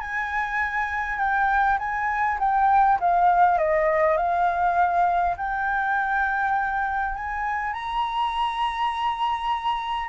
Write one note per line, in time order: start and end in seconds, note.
0.00 1.19 G#5
1.19 1.78 G5
1.79 2.38 G#5
2.39 2.99 G5
3.00 3.58 F5
3.58 4.17 D#5
4.17 5.36 F5
5.37 7.15 G5
7.15 7.73 G#5
7.73 10.09 A#5